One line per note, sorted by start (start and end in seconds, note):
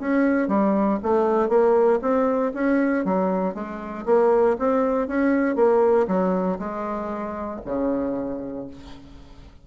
0.00 0.48 C#4
0.48 0.99 G3
1.03 1.49 A3
1.49 2.00 A#3
2.02 2.52 C4
2.54 3.05 C#4
3.05 3.55 F#3
3.55 4.05 G#3
4.06 4.57 A#3
4.59 5.08 C4
5.08 5.56 C#4
5.56 6.07 A#3
6.08 6.59 F#3
6.59 7.61 G#3
7.65 8.67 C#3